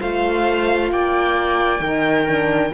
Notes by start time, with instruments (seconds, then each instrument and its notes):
0.00 cello A3, horn F4, viola C5, violin F5
0.91 cello A#3, viola D5, violin G5
1.80 cello D#3, horn D#4, viola A#4
2.27 horn D4